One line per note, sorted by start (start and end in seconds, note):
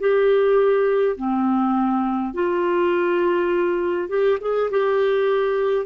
0.00 1.17 G4
1.17 2.34 C4
2.34 4.09 F4
4.09 4.39 G4
4.41 4.70 G#4
4.71 5.86 G4